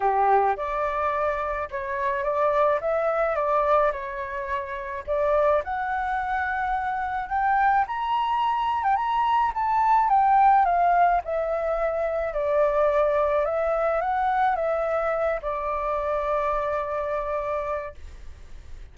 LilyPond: \new Staff \with { instrumentName = "flute" } { \time 4/4 \tempo 4 = 107 g'4 d''2 cis''4 | d''4 e''4 d''4 cis''4~ | cis''4 d''4 fis''2~ | fis''4 g''4 ais''4.~ ais''16 g''16 |
ais''4 a''4 g''4 f''4 | e''2 d''2 | e''4 fis''4 e''4. d''8~ | d''1 | }